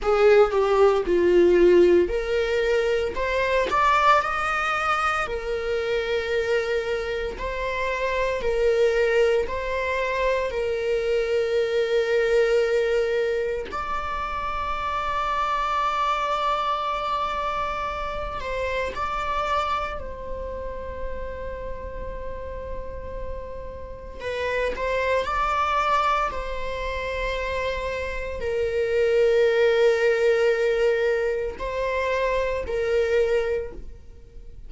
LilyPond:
\new Staff \with { instrumentName = "viola" } { \time 4/4 \tempo 4 = 57 gis'8 g'8 f'4 ais'4 c''8 d''8 | dis''4 ais'2 c''4 | ais'4 c''4 ais'2~ | ais'4 d''2.~ |
d''4. c''8 d''4 c''4~ | c''2. b'8 c''8 | d''4 c''2 ais'4~ | ais'2 c''4 ais'4 | }